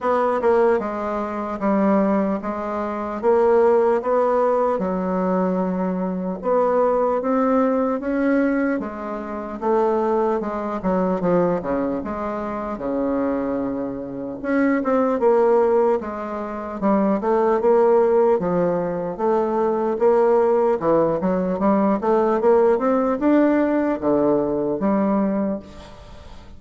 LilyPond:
\new Staff \with { instrumentName = "bassoon" } { \time 4/4 \tempo 4 = 75 b8 ais8 gis4 g4 gis4 | ais4 b4 fis2 | b4 c'4 cis'4 gis4 | a4 gis8 fis8 f8 cis8 gis4 |
cis2 cis'8 c'8 ais4 | gis4 g8 a8 ais4 f4 | a4 ais4 e8 fis8 g8 a8 | ais8 c'8 d'4 d4 g4 | }